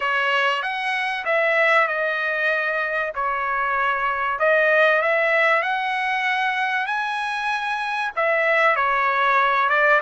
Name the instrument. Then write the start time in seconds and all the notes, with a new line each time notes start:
trumpet
0.00 C#5
0.62 F#5
1.25 E5
1.88 D#5
3.14 C#5
4.39 D#5
5.02 E5
5.62 F#5
6.86 G#5
8.16 E5
8.76 C#5
9.69 D5